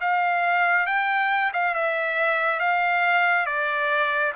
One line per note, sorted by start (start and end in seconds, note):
0.00 0.86 F5
0.86 1.51 G5
1.53 1.74 F5
1.74 2.59 E5
2.59 3.46 F5
3.46 4.33 D5